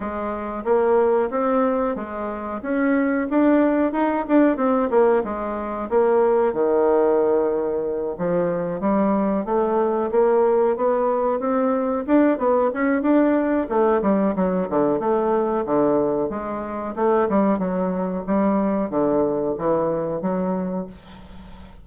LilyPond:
\new Staff \with { instrumentName = "bassoon" } { \time 4/4 \tempo 4 = 92 gis4 ais4 c'4 gis4 | cis'4 d'4 dis'8 d'8 c'8 ais8 | gis4 ais4 dis2~ | dis8 f4 g4 a4 ais8~ |
ais8 b4 c'4 d'8 b8 cis'8 | d'4 a8 g8 fis8 d8 a4 | d4 gis4 a8 g8 fis4 | g4 d4 e4 fis4 | }